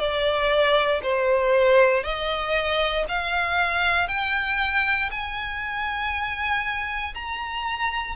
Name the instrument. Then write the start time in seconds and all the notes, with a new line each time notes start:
violin
0.00 D5
1.04 C5
2.04 D#5
3.09 F5
4.09 G5
5.11 G#5
7.15 A#5